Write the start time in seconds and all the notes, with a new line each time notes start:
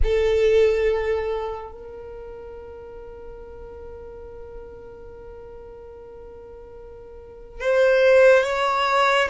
0.03 A4
1.71 A#4
7.60 C5
8.43 C#5